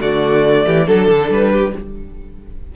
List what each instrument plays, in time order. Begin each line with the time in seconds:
0.00 cello D3, viola A3, violin F#4 D5
0.66 cello E3, violin G4
0.87 cello F#3, viola D4, violin A4
1.08 cello D3
1.29 cello G3, violin B4
1.51 violin G4